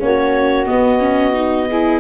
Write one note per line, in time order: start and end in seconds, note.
0.00 0.69 A#3
0.00 0.66 C#4
0.00 1.69 F#4
0.00 0.67 C#5
0.66 1.00 B3
0.66 2.01 B3
0.66 2.01 D#5
1.00 1.34 C#4
1.34 1.67 D#4
1.69 2.01 E4
1.69 2.01 G#4